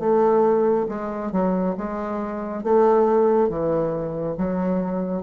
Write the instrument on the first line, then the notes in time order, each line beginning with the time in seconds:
bassoon
0.00 A3
0.89 G#3
1.32 F#3
1.78 G#3
2.64 A3
3.49 E3
4.38 F#3